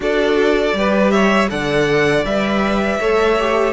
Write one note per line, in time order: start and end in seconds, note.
0.00 0.72 D4
0.00 0.74 F#4
0.00 0.76 A4
0.00 1.10 D5
0.73 1.48 G3
0.73 1.49 G4
0.73 1.12 B4
1.10 1.50 C#5
1.10 1.48 E5
1.50 2.24 D3
1.50 2.25 A4
1.50 3.00 D5
1.50 2.25 F#5
2.24 2.99 G3
2.24 3.00 B4
2.24 3.73 E5
3.00 3.73 A3
3.00 3.38 A4
3.00 3.73 C#5
3.39 3.73 G4